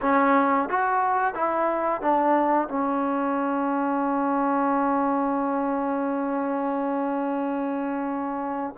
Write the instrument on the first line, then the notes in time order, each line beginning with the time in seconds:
trombone
0.01 C#4
0.69 F#4
1.34 E4
2.01 D4
2.68 C#4